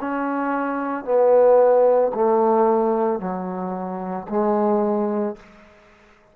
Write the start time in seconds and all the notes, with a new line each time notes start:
0.00 C#4
1.05 B3
2.14 A3
3.19 F#3
4.29 G#3